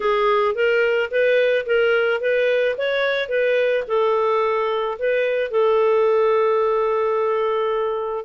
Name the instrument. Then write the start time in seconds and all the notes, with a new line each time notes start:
clarinet
0.00 G#4
0.55 A#4
1.10 B4
1.65 A#4
2.20 B4
2.77 C#5
3.29 B4
3.87 A4
4.98 B4
5.50 A4